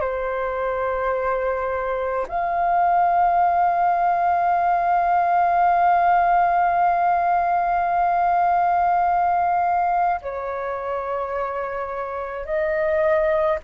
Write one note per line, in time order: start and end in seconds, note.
0.00 2.26 C5
2.28 10.20 F5
10.21 12.45 C#5
12.45 13.58 D#5